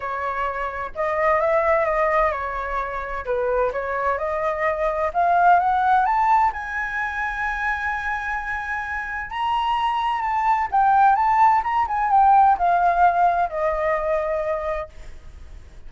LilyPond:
\new Staff \with { instrumentName = "flute" } { \time 4/4 \tempo 4 = 129 cis''2 dis''4 e''4 | dis''4 cis''2 b'4 | cis''4 dis''2 f''4 | fis''4 a''4 gis''2~ |
gis''1 | ais''2 a''4 g''4 | a''4 ais''8 gis''8 g''4 f''4~ | f''4 dis''2. | }